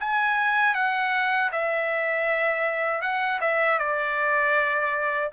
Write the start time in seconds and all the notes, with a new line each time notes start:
0.00 G#5
0.75 F#5
1.52 E5
3.01 F#5
3.41 E5
3.79 D5